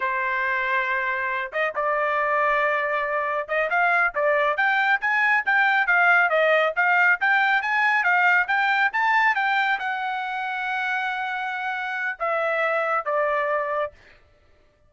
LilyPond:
\new Staff \with { instrumentName = "trumpet" } { \time 4/4 \tempo 4 = 138 c''2.~ c''8 dis''8 | d''1 | dis''8 f''4 d''4 g''4 gis''8~ | gis''8 g''4 f''4 dis''4 f''8~ |
f''8 g''4 gis''4 f''4 g''8~ | g''8 a''4 g''4 fis''4.~ | fis''1 | e''2 d''2 | }